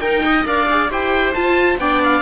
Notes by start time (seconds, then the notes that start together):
0.00 D#4 A#4 G5
0.26 D#5
0.45 D4 A#4 D5 F5
0.70 G#4
0.89 E4 G4 C5 G5
1.34 F4 A5
1.77 B3 D4 D5 G5
2.03 F5